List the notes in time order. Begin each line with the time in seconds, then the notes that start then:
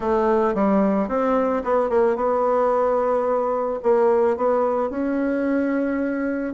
0.00 A3
0.54 G3
1.08 C4
1.64 B3
1.89 A#3
2.15 B3
3.82 A#3
4.37 B3
4.90 C#4